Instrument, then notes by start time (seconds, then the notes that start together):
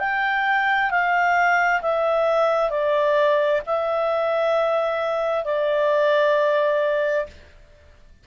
clarinet
0.00 G5
0.91 F5
1.82 E5
2.71 D5
3.67 E5
5.45 D5